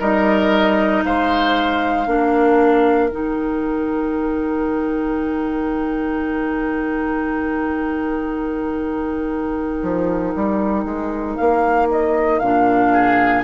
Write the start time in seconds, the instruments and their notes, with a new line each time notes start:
0.00 bassoon G3, clarinet D#4, oboe A#4, flute D#5
1.05 bassoon G#3, oboe C5, flute F5
2.06 bassoon A#3, clarinet D4, oboe A#4
3.10 bassoon D#3, clarinet D#4, flute G5
9.83 bassoon F3
10.36 bassoon G3
10.85 bassoon G#3
11.36 bassoon A#3, flute F5
11.92 flute D#5
12.40 bassoon A#2, clarinet D4, flute F5
12.93 oboe G#4